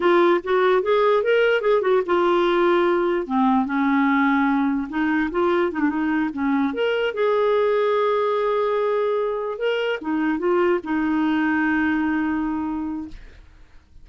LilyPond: \new Staff \with { instrumentName = "clarinet" } { \time 4/4 \tempo 4 = 147 f'4 fis'4 gis'4 ais'4 | gis'8 fis'8 f'2. | c'4 cis'2. | dis'4 f'4 dis'16 d'16 dis'4 cis'8~ |
cis'8 ais'4 gis'2~ gis'8~ | gis'2.~ gis'8 ais'8~ | ais'8 dis'4 f'4 dis'4.~ | dis'1 | }